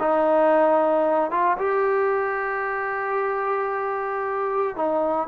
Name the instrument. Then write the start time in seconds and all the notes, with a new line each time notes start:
trombone
0.00 D#4
1.31 F4
1.59 G4
4.76 D#4